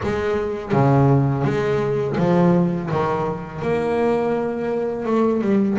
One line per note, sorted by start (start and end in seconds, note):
0.03 0.72 G#3
0.72 1.44 C#3
1.44 2.16 G#3
2.17 2.89 F3
2.90 3.61 D#3
3.61 5.05 A#3
5.05 5.41 A3
5.41 5.77 G3